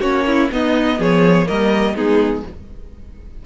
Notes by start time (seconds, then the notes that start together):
0.00 A#3 C#4 F#4 C#5
0.27 E4
0.52 B3 D#4 D#5
0.99 F3 G#4 C#5
1.46 G3 A#3 A#4 D#5
1.95 G#3 B3 D#4 G#4